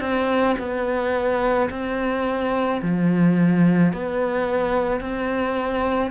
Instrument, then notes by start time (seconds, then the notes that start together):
cello
0.00 C4
0.58 B3
1.70 C4
2.82 F3
3.92 B3
5.00 C4